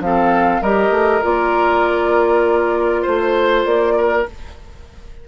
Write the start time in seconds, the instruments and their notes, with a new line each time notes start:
0.00 bassoon F3, clarinet C4, flute F5
0.06 oboe A4
0.62 bassoon G3, clarinet G4, oboe A#4, flute D#5
0.91 bassoon A3
1.23 bassoon A#3, clarinet F4, flute D5
3.03 bassoon A3, oboe C5, flute C5
3.66 bassoon A#3, flute D5
3.98 oboe A#4